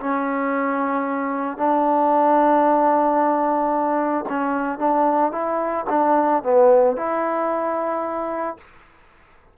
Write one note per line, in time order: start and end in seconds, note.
0.00 1.58 C#4
1.58 4.25 D4
4.29 4.79 C#4
4.79 5.32 D4
5.32 5.86 E4
5.90 6.43 D4
6.43 6.97 B3
6.97 8.57 E4